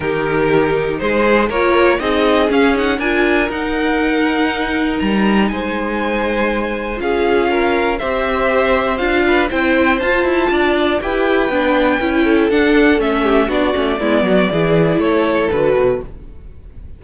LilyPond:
<<
  \new Staff \with { instrumentName = "violin" } { \time 4/4 \tempo 4 = 120 ais'2 c''4 cis''4 | dis''4 f''8 fis''8 gis''4 fis''4~ | fis''2 ais''4 gis''4~ | gis''2 f''2 |
e''2 f''4 g''4 | a''2 g''2~ | g''4 fis''4 e''4 d''4~ | d''2 cis''4 b'4 | }
  \new Staff \with { instrumentName = "violin" } { \time 4/4 g'2 gis'4 ais'4 | gis'2 ais'2~ | ais'2. c''4~ | c''2 gis'4 ais'4 |
c''2~ c''8 b'8 c''4~ | c''4 d''4 b'2~ | b'8 a'2 g'8 fis'4 | e'8 fis'8 gis'4 a'2 | }
  \new Staff \with { instrumentName = "viola" } { \time 4/4 dis'2. f'4 | dis'4 cis'8 dis'8 f'4 dis'4~ | dis'1~ | dis'2 f'2 |
g'2 f'4 e'4 | f'2 g'4 d'4 | e'4 d'4 cis'4 d'8 cis'8 | b4 e'2 fis'4 | }
  \new Staff \with { instrumentName = "cello" } { \time 4/4 dis2 gis4 ais4 | c'4 cis'4 d'4 dis'4~ | dis'2 g4 gis4~ | gis2 cis'2 |
c'2 d'4 c'4 | f'8 e'8 d'4 e'4 b4 | cis'4 d'4 a4 b8 a8 | gis8 fis8 e4 a4 d8 b,8 | }
>>